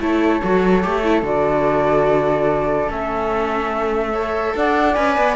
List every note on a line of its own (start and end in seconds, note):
0.00 0.41 A3
0.00 0.42 E4
0.00 4.13 A4
0.00 1.26 C#5
0.43 0.85 F#3
0.43 0.83 F#4
0.83 1.23 A3
0.83 1.03 G4
1.04 1.24 E4
1.23 2.88 D3
1.23 2.88 F#4
1.23 2.91 D5
2.88 4.54 A3
2.88 4.12 C#4
2.88 4.56 E5
4.13 4.96 A4
4.13 4.54 C#5
4.56 4.97 D4
4.56 5.36 D5
4.56 4.94 F#5
4.94 5.18 C#4
4.94 5.36 B4
4.94 5.35 G#5
5.18 5.36 B3